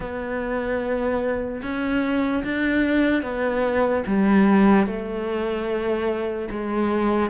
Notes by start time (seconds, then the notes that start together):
0.00 B3
1.62 C#4
2.44 D4
3.22 B3
4.07 G3
4.86 A3
6.50 G#3